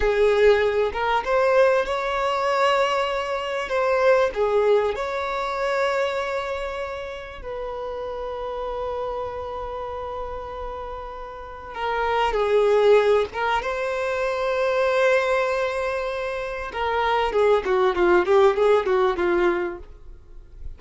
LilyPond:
\new Staff \with { instrumentName = "violin" } { \time 4/4 \tempo 4 = 97 gis'4. ais'8 c''4 cis''4~ | cis''2 c''4 gis'4 | cis''1 | b'1~ |
b'2. ais'4 | gis'4. ais'8 c''2~ | c''2. ais'4 | gis'8 fis'8 f'8 g'8 gis'8 fis'8 f'4 | }